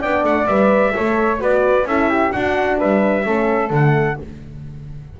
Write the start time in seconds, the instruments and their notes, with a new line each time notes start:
0.00 double bass B3, horn D4, flute D5, trumpet G5
0.23 double bass A3, trumpet F#5
0.47 double bass G3, horn B4, trumpet E5
0.92 double bass A3, horn A4, flute C#5
1.39 double bass B3, horn F#4, flute B4, trumpet D5
1.84 double bass C#4, horn E4, flute A4, trumpet E5
2.09 flute G4
2.31 horn D4, double bass D4, flute F#4, trumpet F#5
2.78 double bass G3, flute B4, trumpet E5
3.23 double bass A3, horn C#4, flute A4
3.70 double bass D3, horn A3, trumpet F#5